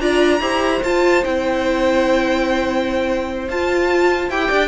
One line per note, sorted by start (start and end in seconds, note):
0.00 0.40 D4
0.00 0.41 F4
0.00 0.41 D5
0.00 0.82 A#5
0.40 0.81 E4
0.40 0.82 G4
0.40 4.48 C5
0.83 1.24 F4
0.83 1.23 F4
0.83 1.24 A5
1.23 3.49 C4
1.23 3.48 E4
1.23 3.49 G5
3.49 4.29 F4
3.49 4.31 F4
3.49 4.30 A5
4.29 4.50 E4
4.29 4.67 G4
4.29 4.67 G5
4.48 4.67 D4
4.48 4.67 D5